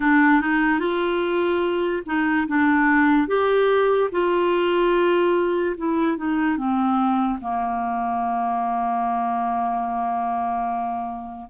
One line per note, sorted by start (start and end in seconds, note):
0.00 0.41 D4
0.41 0.79 D#4
0.79 2.02 F4
2.05 2.47 D#4
2.47 3.27 D4
3.27 4.09 G4
4.11 5.75 F4
5.77 6.17 E4
6.17 6.57 D#4
6.57 7.39 C4
7.40 11.49 A#3